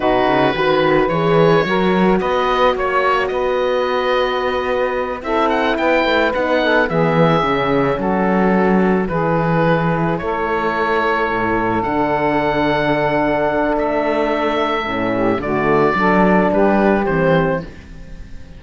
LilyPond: <<
  \new Staff \with { instrumentName = "oboe" } { \time 4/4 \tempo 4 = 109 b'2 cis''2 | dis''4 cis''4 dis''2~ | dis''4. e''8 fis''8 g''4 fis''8~ | fis''8 e''2 a'4.~ |
a'8 b'2 cis''4.~ | cis''4. fis''2~ fis''8~ | fis''4 e''2. | d''2 b'4 c''4 | }
  \new Staff \with { instrumentName = "saxophone" } { \time 4/4 fis'4 b'2 ais'4 | b'4 cis''4 b'2~ | b'4. a'4 b'4. | a'8 gis'2 fis'4.~ |
fis'8 gis'2 a'4.~ | a'1~ | a'2.~ a'8 g'8 | fis'4 a'4 g'2 | }
  \new Staff \with { instrumentName = "horn" } { \time 4/4 dis'4 fis'4 gis'4 fis'4~ | fis'1~ | fis'4. e'2 dis'8~ | dis'8 b4 cis'2~ cis'8~ |
cis'8 e'2.~ e'8~ | e'4. d'2~ d'8~ | d'2. cis'4 | a4 d'2 c'4 | }
  \new Staff \with { instrumentName = "cello" } { \time 4/4 b,8 cis8 dis4 e4 fis4 | b4 ais4 b2~ | b4. c'4 b8 a8 b8~ | b8 e4 cis4 fis4.~ |
fis8 e2 a4.~ | a8 a,4 d2~ d8~ | d4 a2 a,4 | d4 fis4 g4 e4 | }
>>